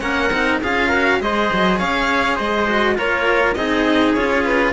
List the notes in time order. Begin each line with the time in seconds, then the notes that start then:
0.00 A#3 C#4 A#4 F#5
0.30 C4 D#4
0.63 C#4 F4 G#4 F5
0.88 F#4 A#4
1.20 G#3 G#4 C5 D#5
1.53 F#3
1.78 C#4 C#5 F5
2.36 G#3 C5 D#5
2.68 F#4
2.96 A#3 F4 A#4 C#5
3.54 C4 D#4 G#4 D#5
4.14 C#4 F4 C#5
4.44 B4